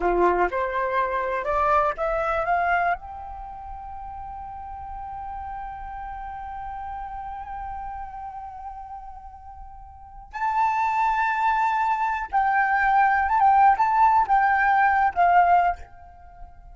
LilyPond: \new Staff \with { instrumentName = "flute" } { \time 4/4 \tempo 4 = 122 f'4 c''2 d''4 | e''4 f''4 g''2~ | g''1~ | g''1~ |
g''1~ | g''4 a''2.~ | a''4 g''2 a''16 g''8. | a''4 g''4.~ g''16 f''4~ f''16 | }